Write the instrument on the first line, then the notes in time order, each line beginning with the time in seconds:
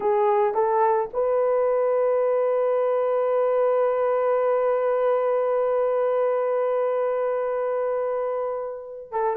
horn
0.00 G#4
0.54 A4
1.13 B4
9.11 A4